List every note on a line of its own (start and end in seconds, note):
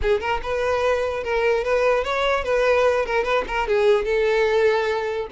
0.01 0.20 G#4
0.20 0.40 A#4
0.42 1.23 B4
1.23 1.64 A#4
1.64 2.03 B4
2.03 2.44 C#5
2.44 3.05 B4
3.05 3.24 A#4
3.24 3.44 B4
3.47 3.67 A#4
3.67 4.05 G#4
4.05 5.27 A4